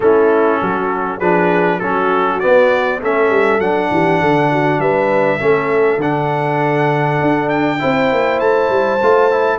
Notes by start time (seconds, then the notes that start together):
0.00 A3 C#4 E4 A4
0.61 F#3 F#4
1.17 F3 D4 G#4 B4
1.79 F#3 C#4 F#4 A4
2.39 B3 D5
2.99 A3 C#4 A4 E5
3.29 G3
3.58 F#3 D4 F#5
3.91 E3 G4
4.20 D3 A4
4.51 F#4
4.78 G3 B4 E5
5.38 A3 C#4 A4
5.97 D3 D4 F#5
7.21 D4
7.49 G5
7.79 C4 E4 C5
8.12 A#3
8.39 A3 A5
8.69 G3
9.02 A3 F4
9.31 E4